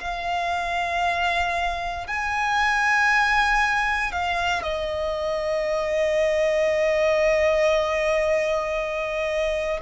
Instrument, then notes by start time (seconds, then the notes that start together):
violin
0.00 F5
2.07 G#5
4.11 F5
4.63 D#5